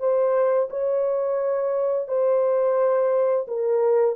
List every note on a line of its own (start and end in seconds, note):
0.00 0.69 C5
0.71 2.08 C#5
2.08 3.46 C5
3.48 4.16 A#4